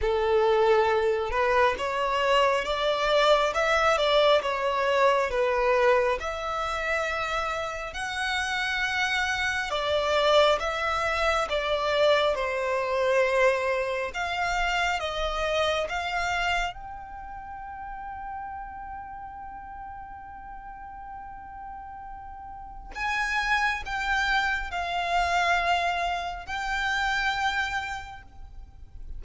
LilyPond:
\new Staff \with { instrumentName = "violin" } { \time 4/4 \tempo 4 = 68 a'4. b'8 cis''4 d''4 | e''8 d''8 cis''4 b'4 e''4~ | e''4 fis''2 d''4 | e''4 d''4 c''2 |
f''4 dis''4 f''4 g''4~ | g''1~ | g''2 gis''4 g''4 | f''2 g''2 | }